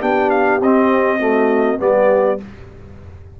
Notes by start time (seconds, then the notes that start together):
0.00 B3 D4 G4 G5
0.30 F5
0.61 C4 D#5
1.19 A3 F#4
1.78 G3 B3 G4 D5